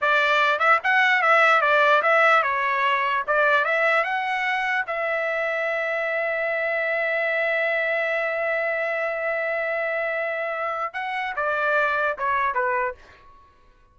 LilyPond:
\new Staff \with { instrumentName = "trumpet" } { \time 4/4 \tempo 4 = 148 d''4. e''8 fis''4 e''4 | d''4 e''4 cis''2 | d''4 e''4 fis''2 | e''1~ |
e''1~ | e''1~ | e''2. fis''4 | d''2 cis''4 b'4 | }